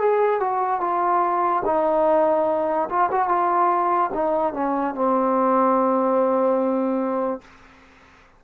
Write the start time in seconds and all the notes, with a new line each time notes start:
0.00 G#4
0.40 F#4
0.81 F4
1.66 D#4
2.90 F4
3.11 F#4
3.28 F4
4.14 D#4
4.54 C#4
4.95 C4